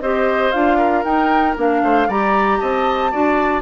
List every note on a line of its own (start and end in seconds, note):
0.00 0.53 C4
0.00 0.53 G4
0.00 0.78 C5
0.00 0.52 D#5
0.52 1.04 D4
0.52 1.05 F4
0.52 1.03 F5
0.78 1.81 A#4
1.04 1.56 D#4
1.04 1.56 G5
1.56 1.83 A#3
1.56 2.08 D4
1.56 2.10 F5
1.83 2.08 A3
1.83 2.08 C5
2.08 2.60 G3
2.08 3.12 G4
2.08 2.60 D5
2.08 2.61 A#5
2.60 3.14 C4
2.60 3.12 D#5
2.60 3.62 A5
3.12 3.62 D4
3.12 3.62 F#4
3.12 3.62 D5